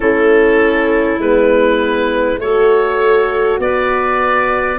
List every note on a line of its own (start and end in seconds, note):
0.00 1.18 A3
0.00 1.20 C#4
0.00 2.39 E4
0.00 1.20 A4
1.18 2.38 G#3
1.18 2.40 B3
1.18 2.40 B4
2.38 3.58 A3
2.38 4.79 F#4
2.38 3.60 A4
2.38 3.60 C#5
3.58 4.78 B3
3.58 4.79 B4
3.58 4.79 D5